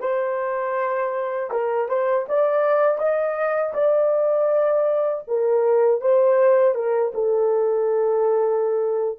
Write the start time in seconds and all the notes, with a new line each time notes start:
0.00 C5
1.51 A#4
1.88 C5
2.28 D5
2.98 D#5
3.74 D5
5.27 A#4
6.01 C5
6.74 A#4
7.14 A4